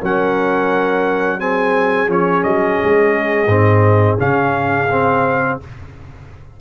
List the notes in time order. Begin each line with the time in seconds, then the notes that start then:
0.00 F#3 C#4 A#4 F#5
1.39 C4 G#4 G#5
2.08 F3 C#4 C#5
2.43 F#3 D#5
2.84 G#3
3.47 G#2 C4
4.18 C#3 C#4 F5
4.91 C4